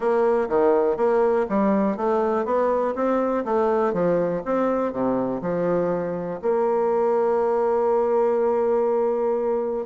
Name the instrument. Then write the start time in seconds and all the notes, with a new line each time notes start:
bassoon
0.00 A#3
0.48 D#3
0.96 A#3
1.49 G3
1.96 A3
2.45 B3
2.95 C4
3.44 A3
3.93 F3
4.45 C4
4.92 C3
5.41 F3
6.42 A#3